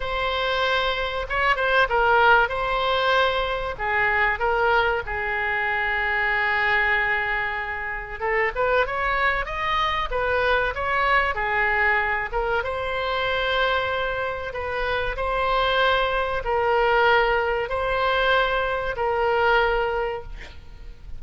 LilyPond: \new Staff \with { instrumentName = "oboe" } { \time 4/4 \tempo 4 = 95 c''2 cis''8 c''8 ais'4 | c''2 gis'4 ais'4 | gis'1~ | gis'4 a'8 b'8 cis''4 dis''4 |
b'4 cis''4 gis'4. ais'8 | c''2. b'4 | c''2 ais'2 | c''2 ais'2 | }